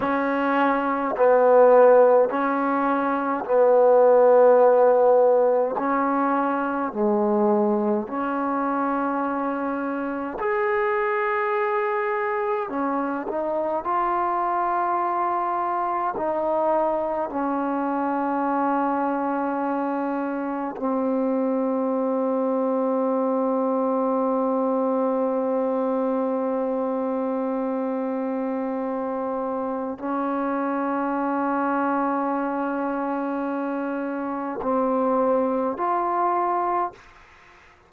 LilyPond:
\new Staff \with { instrumentName = "trombone" } { \time 4/4 \tempo 4 = 52 cis'4 b4 cis'4 b4~ | b4 cis'4 gis4 cis'4~ | cis'4 gis'2 cis'8 dis'8 | f'2 dis'4 cis'4~ |
cis'2 c'2~ | c'1~ | c'2 cis'2~ | cis'2 c'4 f'4 | }